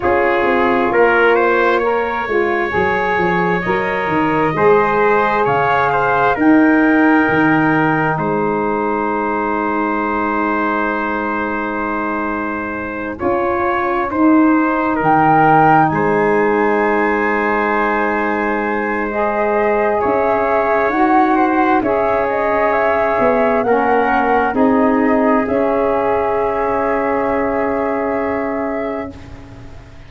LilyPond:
<<
  \new Staff \with { instrumentName = "flute" } { \time 4/4 \tempo 4 = 66 cis''1 | dis''2 f''4 g''4~ | g''4 gis''2.~ | gis''1~ |
gis''8 g''4 gis''2~ gis''8~ | gis''4 dis''4 e''4 fis''4 | e''8 dis''8 e''4 fis''4 dis''4 | e''1 | }
  \new Staff \with { instrumentName = "trumpet" } { \time 4/4 gis'4 ais'8 c''8 cis''2~ | cis''4 c''4 cis''8 c''8 ais'4~ | ais'4 c''2.~ | c''2~ c''8 cis''4 c''8~ |
c''8 ais'4 c''2~ c''8~ | c''2 cis''4. c''8 | cis''2 ais'4 gis'4~ | gis'1 | }
  \new Staff \with { instrumentName = "saxophone" } { \time 4/4 f'2 ais'8 f'8 gis'4 | ais'4 gis'2 dis'4~ | dis'1~ | dis'2~ dis'8 f'4 dis'8~ |
dis'1~ | dis'4 gis'2 fis'4 | gis'2 cis'4 dis'4 | cis'1 | }
  \new Staff \with { instrumentName = "tuba" } { \time 4/4 cis'8 c'8 ais4. gis8 fis8 f8 | fis8 dis8 gis4 cis4 dis'4 | dis4 gis2.~ | gis2~ gis8 cis'4 dis'8~ |
dis'8 dis4 gis2~ gis8~ | gis2 cis'4 dis'4 | cis'4. b8 ais4 c'4 | cis'1 | }
>>